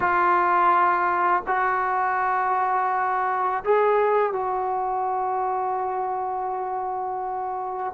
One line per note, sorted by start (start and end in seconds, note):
0.00 1.43 F4
1.46 3.63 F#4
3.64 4.32 G#4
4.32 7.93 F#4